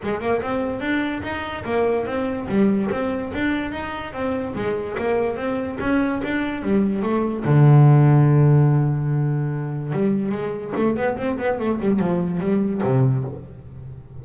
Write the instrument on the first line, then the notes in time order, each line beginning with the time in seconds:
double bass
0.02 G#3
0.20 A#3
0.41 C4
0.80 D4
1.22 D#4
1.65 A#3
2.06 C4
2.48 G3
2.90 C4
3.33 D4
3.71 D#4
4.13 C4
4.55 G#3
4.98 A#3
5.36 C4
5.80 C#4
6.23 D4
6.63 G3
7.02 A3
7.44 D3
9.92 G3
10.31 G#3
10.75 A3
10.96 B3
11.17 C4
11.38 B3
11.59 A3
11.80 G3
11.99 F3
12.40 G3
12.83 C3